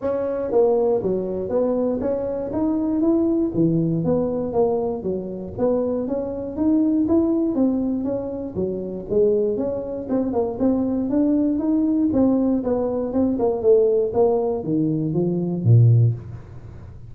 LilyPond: \new Staff \with { instrumentName = "tuba" } { \time 4/4 \tempo 4 = 119 cis'4 ais4 fis4 b4 | cis'4 dis'4 e'4 e4 | b4 ais4 fis4 b4 | cis'4 dis'4 e'4 c'4 |
cis'4 fis4 gis4 cis'4 | c'8 ais8 c'4 d'4 dis'4 | c'4 b4 c'8 ais8 a4 | ais4 dis4 f4 ais,4 | }